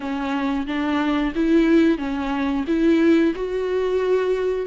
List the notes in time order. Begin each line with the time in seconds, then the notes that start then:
0.00 C#4
0.66 D4
1.35 E4
1.98 C#4
2.67 E4
3.35 F#4